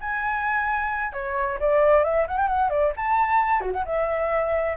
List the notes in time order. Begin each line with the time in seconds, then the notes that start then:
0.00 G#5
1.12 C#5
1.60 D5
2.03 E5
2.27 F#5
2.37 G5
2.47 F#5
2.69 D5
2.96 A5
3.61 F#4
3.72 F#5
3.85 E5